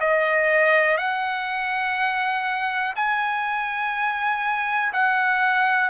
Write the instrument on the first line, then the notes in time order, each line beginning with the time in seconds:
trumpet
0.00 D#5
0.97 F#5
2.96 G#5
4.93 F#5